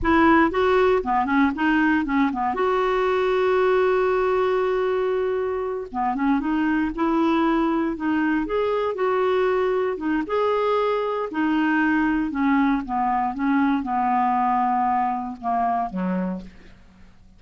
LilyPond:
\new Staff \with { instrumentName = "clarinet" } { \time 4/4 \tempo 4 = 117 e'4 fis'4 b8 cis'8 dis'4 | cis'8 b8 fis'2.~ | fis'2.~ fis'8 b8 | cis'8 dis'4 e'2 dis'8~ |
dis'8 gis'4 fis'2 dis'8 | gis'2 dis'2 | cis'4 b4 cis'4 b4~ | b2 ais4 fis4 | }